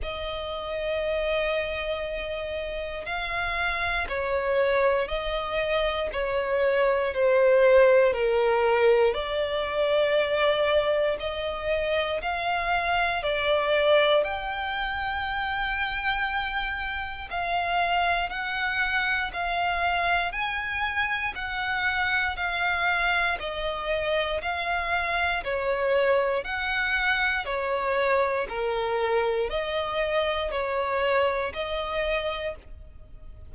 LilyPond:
\new Staff \with { instrumentName = "violin" } { \time 4/4 \tempo 4 = 59 dis''2. f''4 | cis''4 dis''4 cis''4 c''4 | ais'4 d''2 dis''4 | f''4 d''4 g''2~ |
g''4 f''4 fis''4 f''4 | gis''4 fis''4 f''4 dis''4 | f''4 cis''4 fis''4 cis''4 | ais'4 dis''4 cis''4 dis''4 | }